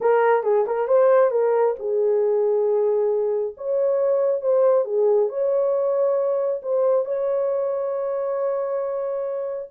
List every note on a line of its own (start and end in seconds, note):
0.00 0.43 A#4
0.43 0.65 G#4
0.66 0.87 A#4
0.87 1.31 C5
1.31 1.75 A#4
1.79 3.55 G#4
3.57 4.41 C#5
4.41 4.84 C5
4.84 5.29 G#4
5.29 6.61 C#5
6.62 7.05 C5
7.05 9.69 C#5